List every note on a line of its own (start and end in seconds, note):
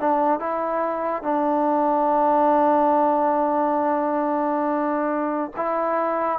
0.00 0.40 D4
0.40 1.23 E4
1.23 5.52 D4
5.56 6.39 E4